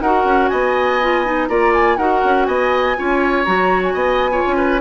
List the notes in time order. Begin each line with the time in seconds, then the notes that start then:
0.00 D#4 F#4 A#4 F#5
0.25 C#4
0.48 B3 D#5 G#5
1.02 F4
1.25 D#4
1.48 A#3 F4 D5 A#5
1.74 G#5
1.98 D#4 F#4 A#4 F#5
2.24 C#4
2.45 B3 D#5 G#5
2.97 C#4 F4 C#5
3.45 F#3 F#4 A#5
3.83 G#5
3.94 B3 D#5
4.31 F4 C#5
4.47 C#4
4.57 B4